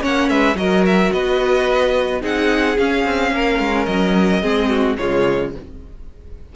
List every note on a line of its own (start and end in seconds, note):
0.00 0.29 A#3
0.00 0.55 C#4
0.00 0.29 C#5
0.00 0.29 F#5
0.29 0.55 G#3
0.29 0.57 B4
0.29 0.56 E5
0.55 1.10 F#3
0.55 2.20 F#4
0.55 1.13 A#4
0.55 0.84 D#5
0.86 1.12 E5
1.12 2.23 B3
1.12 2.21 B4
1.12 2.22 D#5
2.20 2.78 C4
2.20 2.75 D#4
2.20 3.31 G#4
2.20 2.78 F#5
2.78 3.04 C#4
2.78 4.42 C#4
2.78 3.85 F5
3.04 3.32 C4
3.32 3.59 A#3
3.32 4.42 A#4
3.59 3.86 G#3
3.85 4.42 F#3
3.85 4.95 D#5
4.42 4.97 G#3
4.42 4.97 C4
4.42 4.69 G#4
4.69 4.97 F#4
4.97 5.55 C#3
4.97 5.53 G#3
4.97 5.54 F4
4.97 5.52 C#5